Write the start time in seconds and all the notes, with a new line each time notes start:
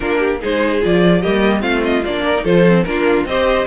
0.00 A#3 D4 F4 A#4
0.19 G4
0.40 G#3 D#4 G#4 C5
0.81 F3 F4 D5
1.21 G3 A#3 G4 D#5
1.60 A3 C4 F4 F5
1.83 D#5
2.05 A#3 D4 D5
2.24 A#4
2.36 D#4
2.44 F3 F4 A4 C5
2.68 C4
2.83 A#3 D4 F4 A#4
3.25 C4 G4 C5 D#5